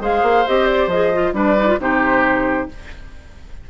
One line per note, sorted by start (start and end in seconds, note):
0.00 0.22 G#3
0.00 0.45 G#4
0.00 1.33 C5
0.00 0.47 F5
0.22 0.44 A#3
0.47 0.87 C4
0.47 0.91 G4
0.47 0.67 D#5
0.67 0.89 D5
0.87 1.31 F3
0.87 1.13 G#4
0.87 1.33 D#5
1.13 1.34 F4
1.33 1.77 G3
1.33 1.56 D4
1.33 1.79 B4
1.33 1.80 D5
1.57 1.67 D#4
1.67 1.78 F4
1.78 2.67 C3
1.78 2.68 D#4
1.78 2.70 G4
1.78 2.69 C5